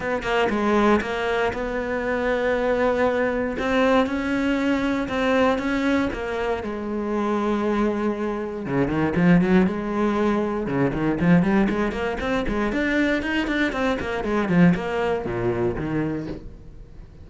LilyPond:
\new Staff \with { instrumentName = "cello" } { \time 4/4 \tempo 4 = 118 b8 ais8 gis4 ais4 b4~ | b2. c'4 | cis'2 c'4 cis'4 | ais4 gis2.~ |
gis4 cis8 dis8 f8 fis8 gis4~ | gis4 cis8 dis8 f8 g8 gis8 ais8 | c'8 gis8 d'4 dis'8 d'8 c'8 ais8 | gis8 f8 ais4 ais,4 dis4 | }